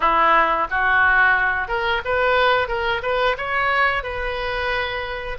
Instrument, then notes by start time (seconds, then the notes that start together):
oboe
0.00 E4
0.70 F#4
1.67 A#4
2.04 B4
2.68 A#4
3.02 B4
3.37 C#5
4.03 B4